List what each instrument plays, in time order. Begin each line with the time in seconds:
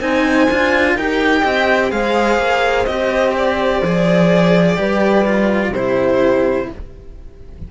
0.00 cello C4 D#4, horn C5, violin G#5
0.51 cello D4 F4
0.95 cello D#4 G4, horn A#4, violin G5
1.41 cello C4, horn D#5
1.91 cello G#3 G#4, horn C5, violin F5
2.38 cello A#3
2.86 cello C4 G4, violin D#5
3.37 violin D5
3.83 cello F3 G#4
4.77 cello G3 G4, horn B4
5.26 cello F4
5.71 cello C3 E4, horn G4, violin C5